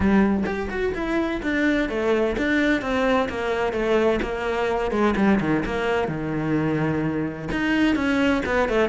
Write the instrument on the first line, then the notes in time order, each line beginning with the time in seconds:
cello
0.00 G3
0.45 G4
0.70 F#4
0.94 E4
1.42 D4
1.89 A3
2.37 D4
2.81 C4
3.29 A#3
3.72 A3
4.22 A#3
4.91 G#3
5.16 G3
5.40 D#3
5.65 A#3
6.08 D#3
7.51 D#4
7.95 C#4
8.45 B3
8.68 A3